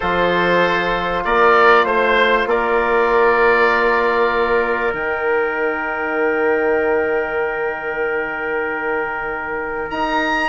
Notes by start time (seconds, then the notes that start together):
0.00 F3 F4 A4 C5
1.24 A#3 A#4 D5
1.84 A3 C5
2.45 A#3 A#4 D5
4.93 D#3 D#4 G5
9.90 D#4 A#5